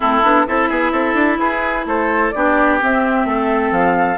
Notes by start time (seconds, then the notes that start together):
0.00 A3 C4 E4 A4
0.23 B3 D4
0.47 C4 E4 A4 E5
0.69 B3 G#4
0.91 C4 A4
1.14 D4
1.38 E4 G#4 B4
1.85 A3 A4 C5
2.31 B3 D4 G4 D5
2.80 C4 E5
3.24 A3 A4
3.71 F3 F5